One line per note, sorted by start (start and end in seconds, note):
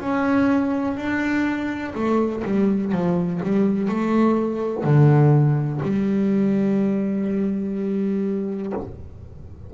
0.00 0.97 C#4
0.97 1.94 D4
1.94 2.43 A3
2.44 2.92 G3
2.92 3.40 F3
3.43 3.88 G3
3.88 4.83 A3
4.83 5.80 D3
5.82 8.73 G3